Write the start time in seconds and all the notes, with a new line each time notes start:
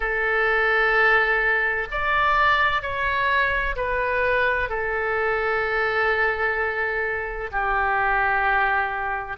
0.00 A4
1.90 D5
2.81 C#5
3.75 B4
4.69 A4
7.51 G4